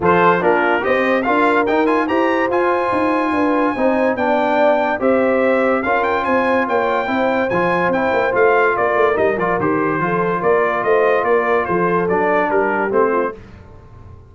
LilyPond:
<<
  \new Staff \with { instrumentName = "trumpet" } { \time 4/4 \tempo 4 = 144 c''4 ais'4 dis''4 f''4 | g''8 gis''8 ais''4 gis''2~ | gis''2 g''2 | e''2 f''8 g''8 gis''4 |
g''2 gis''4 g''4 | f''4 d''4 dis''8 d''8 c''4~ | c''4 d''4 dis''4 d''4 | c''4 d''4 ais'4 c''4 | }
  \new Staff \with { instrumentName = "horn" } { \time 4/4 a'4 f'4 c''4 ais'4~ | ais'4 c''2. | b'4 c''4 d''2 | c''2 ais'4 c''4 |
cis''4 c''2.~ | c''4 ais'2. | a'4 ais'4 c''4 ais'4 | a'2 g'4. f'8 | }
  \new Staff \with { instrumentName = "trombone" } { \time 4/4 f'4 d'4 g'4 f'4 | dis'8 f'8 g'4 f'2~ | f'4 dis'4 d'2 | g'2 f'2~ |
f'4 e'4 f'4 e'4 | f'2 dis'8 f'8 g'4 | f'1~ | f'4 d'2 c'4 | }
  \new Staff \with { instrumentName = "tuba" } { \time 4/4 f4 ais4 c'4 d'4 | dis'4 e'4 f'4 dis'4 | d'4 c'4 b2 | c'2 cis'4 c'4 |
ais4 c'4 f4 c'8 ais8 | a4 ais8 a8 g8 f8 dis4 | f4 ais4 a4 ais4 | f4 fis4 g4 a4 | }
>>